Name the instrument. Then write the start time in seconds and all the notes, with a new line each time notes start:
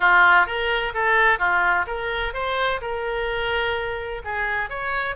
oboe
0.00 F4
0.46 A#4
0.94 A4
1.38 F4
1.86 A#4
2.33 C5
2.81 A#4
4.24 G#4
4.69 C#5